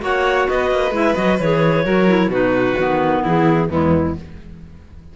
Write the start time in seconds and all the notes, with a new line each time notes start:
0.00 A#3 F#4 C#5 F#5
0.48 B3 B4 D#5
0.71 A#3
0.91 G#3 E4 E5
1.15 F#3 F#4 D#5
1.39 E3 G#4 C#5
1.84 F#3 F#4 A#4
2.07 E4
2.27 B2 D#4 F#4 B4
2.77 D#3 B3
3.22 E3 E4 G#4
3.69 E2 G#3 B3 E4